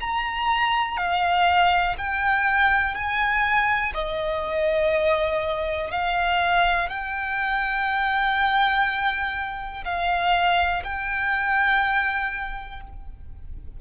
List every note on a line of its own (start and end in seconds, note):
0.00 0.97 A#5
0.97 1.95 F5
1.98 2.94 G5
2.94 3.93 G#5
3.94 5.91 D#5
5.91 6.89 F5
6.89 9.84 G5
9.85 10.83 F5
10.84 12.80 G5